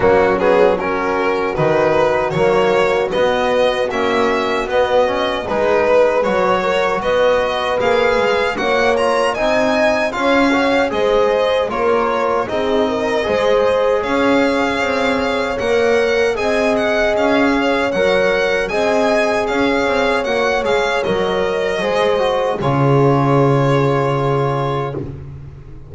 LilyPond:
<<
  \new Staff \with { instrumentName = "violin" } { \time 4/4 \tempo 4 = 77 fis'8 gis'8 ais'4 b'4 cis''4 | dis''4 e''4 dis''4 b'4 | cis''4 dis''4 f''4 fis''8 ais''8 | gis''4 f''4 dis''4 cis''4 |
dis''2 f''2 | fis''4 gis''8 fis''8 f''4 fis''4 | gis''4 f''4 fis''8 f''8 dis''4~ | dis''4 cis''2. | }
  \new Staff \with { instrumentName = "horn" } { \time 4/4 cis'4 fis'2.~ | fis'2. gis'8 b'8~ | b'8 ais'8 b'2 cis''4 | dis''4 cis''4 c''4 ais'4 |
gis'8 ais'8 c''4 cis''2~ | cis''4 dis''4. cis''4. | dis''4 cis''2. | c''4 gis'2. | }
  \new Staff \with { instrumentName = "trombone" } { \time 4/4 ais8 b8 cis'4 dis'4 ais4 | b4 cis'4 b8 cis'8 dis'4 | fis'2 gis'4 fis'8 f'8 | dis'4 f'8 fis'8 gis'4 f'4 |
dis'4 gis'2. | ais'4 gis'2 ais'4 | gis'2 fis'8 gis'8 ais'4 | gis'8 fis'8 f'2. | }
  \new Staff \with { instrumentName = "double bass" } { \time 4/4 fis2 dis4 fis4 | b4 ais4 b4 gis4 | fis4 b4 ais8 gis8 ais4 | c'4 cis'4 gis4 ais4 |
c'4 gis4 cis'4 c'4 | ais4 c'4 cis'4 fis4 | c'4 cis'8 c'8 ais8 gis8 fis4 | gis4 cis2. | }
>>